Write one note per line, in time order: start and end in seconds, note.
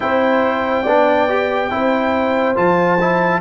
0.00 0.85 C4
0.00 0.86 E4
0.00 0.82 C5
0.00 2.55 G5
0.82 1.70 B3
0.82 1.29 D4
0.82 1.68 D5
1.29 1.70 G4
1.70 2.56 C4
1.70 2.55 E4
1.70 3.41 C5
2.55 3.41 F3
2.55 2.98 F4
2.55 3.41 A5
3.00 3.41 E4